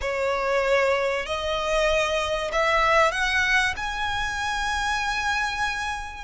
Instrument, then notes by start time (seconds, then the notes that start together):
violin
0.01 C#5
1.26 D#5
2.52 E5
3.11 F#5
3.76 G#5